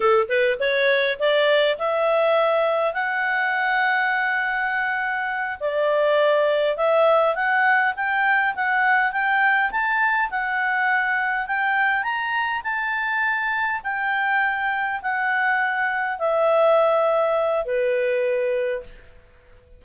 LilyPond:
\new Staff \with { instrumentName = "clarinet" } { \time 4/4 \tempo 4 = 102 a'8 b'8 cis''4 d''4 e''4~ | e''4 fis''2.~ | fis''4. d''2 e''8~ | e''8 fis''4 g''4 fis''4 g''8~ |
g''8 a''4 fis''2 g''8~ | g''8 ais''4 a''2 g''8~ | g''4. fis''2 e''8~ | e''2 b'2 | }